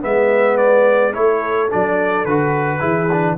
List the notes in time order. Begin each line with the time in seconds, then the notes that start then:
0.00 G#3 B3 B4 E5
0.57 D5
1.12 A3 E4 A4 C#5
1.69 F#3 D4 D5
2.25 D3 F#4 B4
2.78 E3 E4 G#4
3.12 D4